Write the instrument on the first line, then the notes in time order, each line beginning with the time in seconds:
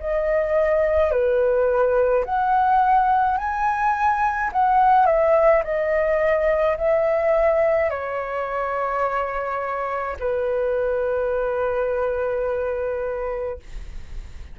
flute
0.00 D#5
1.12 B4
2.25 F#5
3.38 G#5
4.53 F#5
5.06 E5
5.64 D#5
6.78 E5
7.90 C#5
10.20 B4